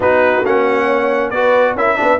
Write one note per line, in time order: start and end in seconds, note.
0.00 0.42 B3
0.00 0.44 D#4
0.00 0.84 F#4
0.00 0.45 B4
0.43 1.31 A#3
0.43 1.33 C#4
0.43 1.30 F#5
0.84 1.28 C#5
1.30 1.74 B3
1.30 1.77 F#4
1.30 1.75 B4
1.30 1.74 D5
1.74 1.96 C#4
1.74 1.96 E4
1.74 1.99 A#4
1.74 2.19 E5
1.96 2.19 B3
1.96 2.18 D4
1.96 2.19 B4